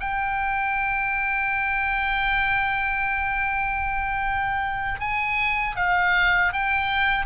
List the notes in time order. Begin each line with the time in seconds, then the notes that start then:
0.00 G5
5.00 G#5
5.76 F5
6.53 G5